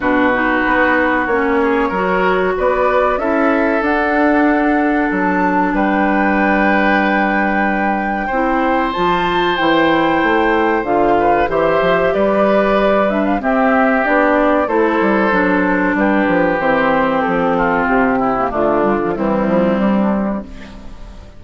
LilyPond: <<
  \new Staff \with { instrumentName = "flute" } { \time 4/4 \tempo 4 = 94 b'2 cis''2 | d''4 e''4 fis''2 | a''4 g''2.~ | g''2 a''4 g''4~ |
g''4 f''4 e''4 d''4~ | d''8 e''16 f''16 e''4 d''4 c''4~ | c''4 b'4 c''4 a'4 | g'4 f'4 e'4 d'4 | }
  \new Staff \with { instrumentName = "oboe" } { \time 4/4 fis'2~ fis'8 gis'8 ais'4 | b'4 a'2.~ | a'4 b'2.~ | b'4 c''2.~ |
c''4. b'8 c''4 b'4~ | b'4 g'2 a'4~ | a'4 g'2~ g'8 f'8~ | f'8 e'8 d'4 c'2 | }
  \new Staff \with { instrumentName = "clarinet" } { \time 4/4 d'8 dis'4. cis'4 fis'4~ | fis'4 e'4 d'2~ | d'1~ | d'4 e'4 f'4 e'4~ |
e'4 f'4 g'2~ | g'8 d'8 c'4 d'4 e'4 | d'2 c'2~ | c'8. ais16 a8 g16 f16 g2 | }
  \new Staff \with { instrumentName = "bassoon" } { \time 4/4 b,4 b4 ais4 fis4 | b4 cis'4 d'2 | fis4 g2.~ | g4 c'4 f4 e4 |
a4 d4 e8 f8 g4~ | g4 c'4 b4 a8 g8 | fis4 g8 f8 e4 f4 | c4 d4 e8 f8 g4 | }
>>